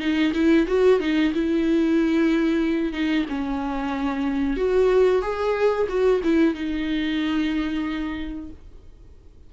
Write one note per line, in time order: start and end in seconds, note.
0.00 0.33 D#4
0.34 0.66 E4
0.68 1.00 F#4
1.00 1.33 D#4
1.34 2.93 E4
2.93 3.26 D#4
3.29 4.57 C#4
4.57 5.22 F#4
5.22 5.87 G#4
5.89 6.21 F#4
6.24 6.55 E4
6.55 8.50 D#4